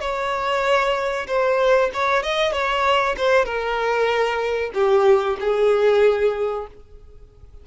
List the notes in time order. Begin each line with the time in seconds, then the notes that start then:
0.00 C#5
1.27 C5
1.93 C#5
2.22 D#5
2.52 C#5
3.17 C5
3.45 A#4
4.74 G4
5.40 G#4